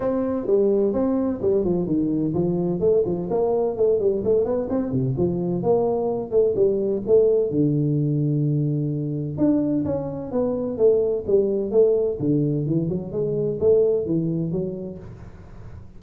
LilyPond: \new Staff \with { instrumentName = "tuba" } { \time 4/4 \tempo 4 = 128 c'4 g4 c'4 g8 f8 | dis4 f4 a8 f8 ais4 | a8 g8 a8 b8 c'8 c8 f4 | ais4. a8 g4 a4 |
d1 | d'4 cis'4 b4 a4 | g4 a4 d4 e8 fis8 | gis4 a4 e4 fis4 | }